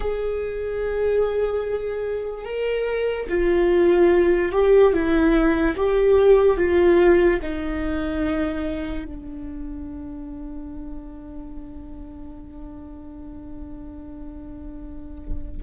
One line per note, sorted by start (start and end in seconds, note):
0.00 2.44 G#4
2.44 3.26 A#4
3.29 4.52 F4
4.52 4.93 G4
4.93 5.75 E4
5.76 6.57 G4
6.57 7.39 F4
7.42 9.04 D#4
9.04 15.62 D4